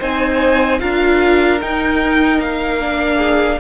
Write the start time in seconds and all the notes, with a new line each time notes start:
0.00 C4 D#4 C5 G#5
0.80 D4 F4 A#4 F5
1.62 D#4 G5
2.40 A#3 F5
2.81 D4
3.17 G#4